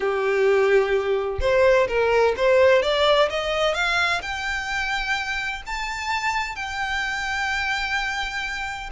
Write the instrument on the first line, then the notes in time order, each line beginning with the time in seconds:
violin
0.00 G4
1.40 C5
1.87 A#4
2.36 C5
2.82 D5
3.29 D#5
3.74 F5
4.21 G5
5.66 A5
6.55 G5